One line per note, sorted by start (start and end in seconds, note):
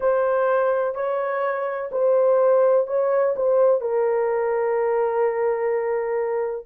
0.00 0.94 C5
0.94 1.90 C#5
1.91 2.87 C5
2.87 3.34 C#5
3.35 3.81 C5
3.81 6.65 A#4